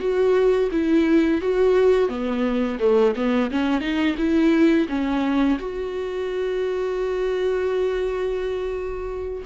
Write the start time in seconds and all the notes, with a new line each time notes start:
0.00 F#4
0.71 E4
1.41 F#4
2.09 B3
2.80 A3
3.16 B3
3.51 C#4
3.81 D#4
4.18 E4
4.89 C#4
5.59 F#4